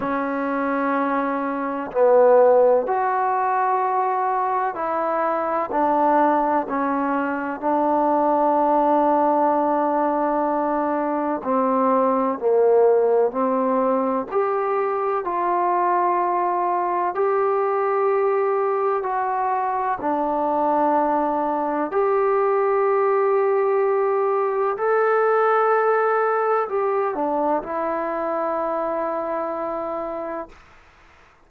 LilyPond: \new Staff \with { instrumentName = "trombone" } { \time 4/4 \tempo 4 = 63 cis'2 b4 fis'4~ | fis'4 e'4 d'4 cis'4 | d'1 | c'4 ais4 c'4 g'4 |
f'2 g'2 | fis'4 d'2 g'4~ | g'2 a'2 | g'8 d'8 e'2. | }